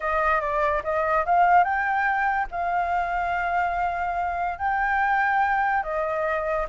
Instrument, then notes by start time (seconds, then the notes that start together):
flute
0.00 D#5
0.41 D5
0.83 D#5
1.25 F5
1.64 G5
2.51 F5
4.58 G5
5.83 D#5